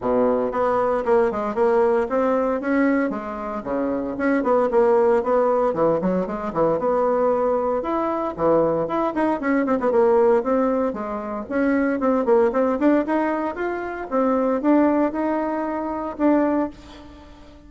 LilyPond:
\new Staff \with { instrumentName = "bassoon" } { \time 4/4 \tempo 4 = 115 b,4 b4 ais8 gis8 ais4 | c'4 cis'4 gis4 cis4 | cis'8 b8 ais4 b4 e8 fis8 | gis8 e8 b2 e'4 |
e4 e'8 dis'8 cis'8 c'16 b16 ais4 | c'4 gis4 cis'4 c'8 ais8 | c'8 d'8 dis'4 f'4 c'4 | d'4 dis'2 d'4 | }